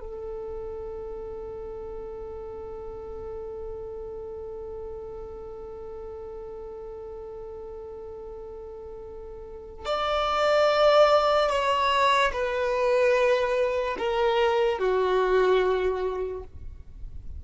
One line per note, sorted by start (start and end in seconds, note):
0.00 9.85 A4
9.85 11.50 D5
11.50 12.32 C#5
12.33 13.97 B4
13.98 14.78 A#4
14.78 16.43 F#4